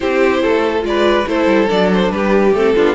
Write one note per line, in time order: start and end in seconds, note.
0.00 0.43 C4
0.00 0.81 E4
0.00 0.42 G4
0.00 0.84 C5
0.42 0.83 A3
0.42 0.84 A4
0.81 1.25 G#3
0.81 1.23 F4
0.81 1.27 D5
0.88 1.28 B4
1.26 1.46 A3
1.26 1.67 E4
1.26 2.13 A4
1.26 1.69 C5
1.46 1.67 G3
1.67 2.10 F#3
1.67 2.52 D4
1.67 1.90 D5
1.94 2.11 C5
2.10 2.52 G3
2.10 2.75 G4
2.10 2.53 B4
2.53 2.74 A3
2.53 2.76 C4
2.53 2.95 A4
2.75 2.95 B3
2.75 2.95 D4
2.75 2.95 F4